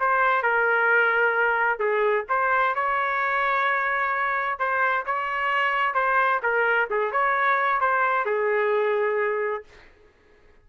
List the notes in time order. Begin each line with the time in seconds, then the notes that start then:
0.00 C5
0.43 A#4
1.79 G#4
2.29 C5
2.75 C#5
4.59 C5
5.06 C#5
5.95 C5
6.43 A#4
6.91 G#4
7.12 C#5
7.81 C5
8.26 G#4